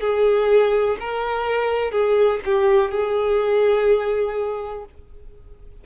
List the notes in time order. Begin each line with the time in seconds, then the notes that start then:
0.00 G#4
0.99 A#4
1.91 G#4
2.45 G4
2.91 G#4